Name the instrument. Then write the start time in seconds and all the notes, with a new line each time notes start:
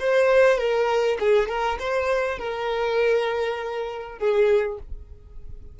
violin
0.00 C5
0.58 A#4
1.20 G#4
1.49 A#4
1.79 C5
2.39 A#4
4.19 G#4